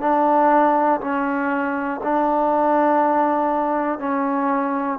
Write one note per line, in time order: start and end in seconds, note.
0.00 1.00 D4
1.00 2.00 C#4
2.03 3.99 D4
3.99 4.99 C#4